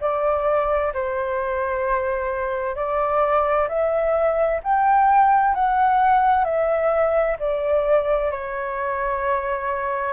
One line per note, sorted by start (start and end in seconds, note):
0.00 0.92 D5
0.93 2.75 C5
2.75 3.68 D5
3.68 4.61 E5
4.63 5.54 G5
5.54 6.44 F#5
6.44 7.36 E5
7.39 8.31 D5
8.31 10.13 C#5